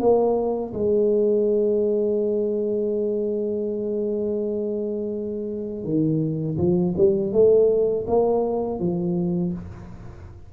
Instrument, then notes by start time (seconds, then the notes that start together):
tuba
0.00 A#3
0.74 G#3
5.84 D#3
6.58 F3
6.97 G3
7.32 A3
8.08 A#3
8.80 F3